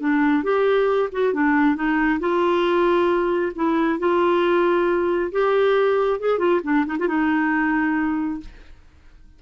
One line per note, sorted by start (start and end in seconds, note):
0.00 0.43 D4
0.43 1.09 G4
1.12 1.33 F#4
1.33 1.75 D4
1.75 2.19 D#4
2.20 3.52 F4
3.55 3.99 E4
3.99 5.31 F4
5.31 6.20 G4
6.20 6.39 G#4
6.39 6.61 F4
6.63 6.85 D4
6.86 6.97 D#4
6.99 7.08 F4
7.08 8.40 D#4